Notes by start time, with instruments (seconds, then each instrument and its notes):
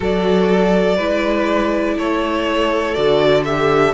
0.00 cello F#3, viola F#4, violin A4 D5
0.96 cello G#3, viola E4, violin B4
1.97 cello A3, violin A4 C#5
2.94 cello D3, viola F#4, violin D5
3.44 viola G4, violin E5